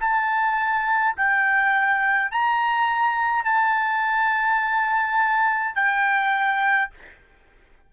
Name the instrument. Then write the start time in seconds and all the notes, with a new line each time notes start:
trumpet
0.00 A5
1.17 G5
2.31 A#5
3.45 A5
5.75 G5